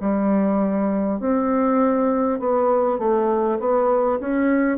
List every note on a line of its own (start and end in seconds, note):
0.00 1.20 G3
1.20 2.39 C4
2.39 2.99 B3
2.99 3.59 A3
3.59 4.19 B3
4.19 4.78 C#4